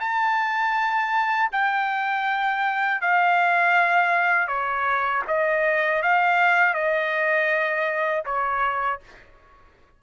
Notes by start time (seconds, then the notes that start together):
0.00 A5
1.52 G5
3.01 F5
4.48 C#5
5.27 D#5
6.02 F5
6.74 D#5
8.25 C#5